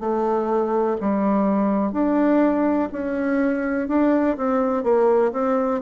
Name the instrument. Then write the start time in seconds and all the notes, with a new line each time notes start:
bassoon
0.00 A3
1.01 G3
1.92 D4
2.92 C#4
3.88 D4
4.37 C4
4.83 A#3
5.32 C4